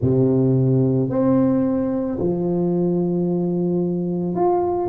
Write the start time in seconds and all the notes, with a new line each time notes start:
0.01 C3
1.09 C4
2.19 F3
4.34 F4